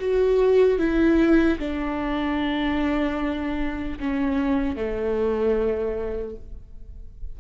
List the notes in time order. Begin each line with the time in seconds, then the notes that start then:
0.00 F#4
0.79 E4
1.59 D4
4.00 C#4
4.76 A3